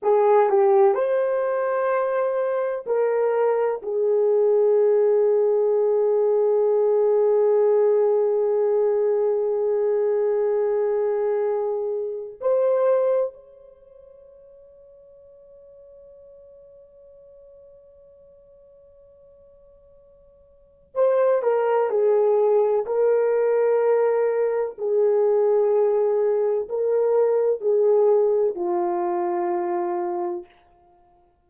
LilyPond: \new Staff \with { instrumentName = "horn" } { \time 4/4 \tempo 4 = 63 gis'8 g'8 c''2 ais'4 | gis'1~ | gis'1~ | gis'4 c''4 cis''2~ |
cis''1~ | cis''2 c''8 ais'8 gis'4 | ais'2 gis'2 | ais'4 gis'4 f'2 | }